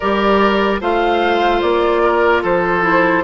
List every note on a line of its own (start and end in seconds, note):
0.00 0.80 G3
0.00 0.80 G4
0.00 0.81 A#4
0.00 0.81 D5
0.80 1.61 A3
0.80 2.82 F4
0.80 2.02 C5
0.80 1.61 F5
1.61 2.43 A#3
1.61 2.42 D5
2.03 2.42 A#4
2.42 3.23 F3
2.42 3.23 A4
2.42 3.23 C5
2.82 3.22 E4